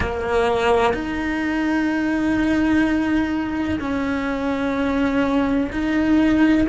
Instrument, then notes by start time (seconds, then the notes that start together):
cello
0.00 A#3
0.93 D#4
3.79 C#4
5.71 D#4